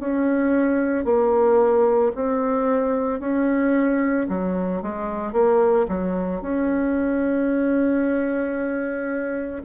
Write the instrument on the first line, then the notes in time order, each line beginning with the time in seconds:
bassoon
0.00 C#4
1.05 A#3
2.15 C4
3.20 C#4
4.29 F#3
4.82 G#3
5.33 A#3
5.89 F#3
6.41 C#4